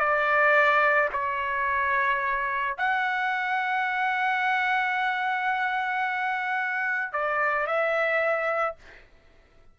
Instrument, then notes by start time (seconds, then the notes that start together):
trumpet
0.00 D5
1.13 C#5
2.78 F#5
7.13 D5
7.67 E5